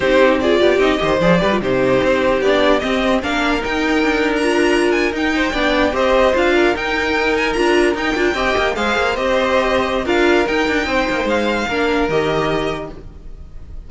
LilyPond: <<
  \new Staff \with { instrumentName = "violin" } { \time 4/4 \tempo 4 = 149 c''4 d''4 dis''4 d''4 | c''2 d''4 dis''4 | f''4 g''4.~ g''16 ais''4~ ais''16~ | ais''16 gis''8 g''2 dis''4 f''16~ |
f''8. g''4. gis''8 ais''4 g''16~ | g''4.~ g''16 f''4 dis''4~ dis''16~ | dis''4 f''4 g''2 | f''2 dis''2 | }
  \new Staff \with { instrumentName = "violin" } { \time 4/4 g'4 gis'8 g'4 c''4 b'8 | g'1 | ais'1~ | ais'4~ ais'16 c''8 d''4 c''4~ c''16~ |
c''16 ais'2.~ ais'8.~ | ais'8. dis''4 c''2~ c''16~ | c''4 ais'2 c''4~ | c''4 ais'2. | }
  \new Staff \with { instrumentName = "viola" } { \time 4/4 dis'4 f'4 dis'8 g'8 gis'8 g'16 f'16 | dis'2 d'4 c'4 | d'4 dis'2 f'4~ | f'8. dis'4 d'4 g'4 f'16~ |
f'8. dis'2 f'4 dis'16~ | dis'16 f'8 g'4 gis'4 g'4~ g'16~ | g'4 f'4 dis'2~ | dis'4 d'4 g'2 | }
  \new Staff \with { instrumentName = "cello" } { \time 4/4 c'4. b8 c'8 dis8 f8 g8 | c4 c'4 b4 c'4 | ais4 dis'4 d'2~ | d'8. dis'4 b4 c'4 d'16~ |
d'8. dis'2 d'4 dis'16~ | dis'16 d'8 c'8 ais8 gis8 ais8 c'4~ c'16~ | c'4 d'4 dis'8 d'8 c'8 ais8 | gis4 ais4 dis2 | }
>>